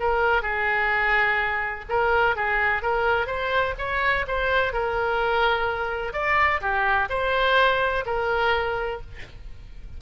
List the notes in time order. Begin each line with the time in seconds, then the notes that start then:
0.00 A#4
0.42 G#4
1.89 A#4
2.36 G#4
2.82 A#4
3.26 C5
3.78 C#5
4.27 C5
4.73 A#4
6.13 D5
6.61 G4
7.10 C5
8.06 A#4